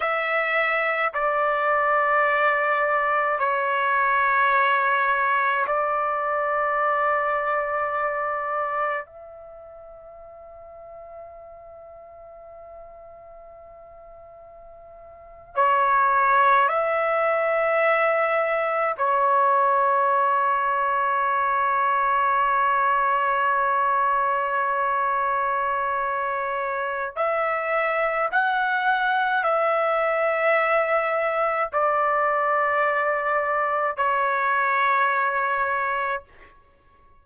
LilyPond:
\new Staff \with { instrumentName = "trumpet" } { \time 4/4 \tempo 4 = 53 e''4 d''2 cis''4~ | cis''4 d''2. | e''1~ | e''4.~ e''16 cis''4 e''4~ e''16~ |
e''8. cis''2.~ cis''16~ | cis''1 | e''4 fis''4 e''2 | d''2 cis''2 | }